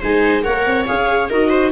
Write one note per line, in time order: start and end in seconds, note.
0.00 0.46 G#3
0.00 0.43 D#4
0.00 0.43 C5
0.00 0.43 G#5
0.43 0.66 A#3
0.43 0.86 A#4
0.43 1.30 C#5
0.43 0.86 F#5
0.66 0.87 C4
0.86 1.30 C#4
0.86 1.30 G#4
0.86 1.29 F5
1.30 1.72 D#4
1.30 1.72 F#4
1.30 1.50 A#4
1.30 1.72 D#5
1.50 1.71 C5